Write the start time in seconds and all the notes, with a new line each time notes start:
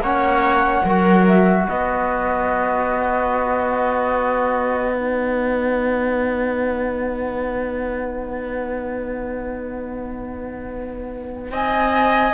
0.00 A#3 C#4 C#5 F#5
0.85 F#3 F#4 A#4
1.27 E5
1.67 B3 B4 D#5
4.93 D#4 F#5
11.52 C4 D#5 G#5